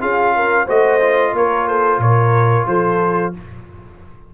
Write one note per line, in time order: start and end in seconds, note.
0.00 0.68 C#4
0.00 0.67 F4
0.00 0.34 G#4
0.00 0.68 F5
0.36 0.65 A#4
0.65 1.33 A3
0.65 1.00 F#4
0.65 1.32 C5
0.65 1.36 D#5
1.00 3.34 F4
1.33 1.98 A#3
1.33 1.68 A#4
1.33 1.67 C#5
1.67 2.01 A4
1.67 2.01 C5
1.98 2.65 A#2
1.98 2.68 A#4
1.98 2.67 C#5
2.67 3.34 F3
2.67 3.34 A4
2.67 3.33 C5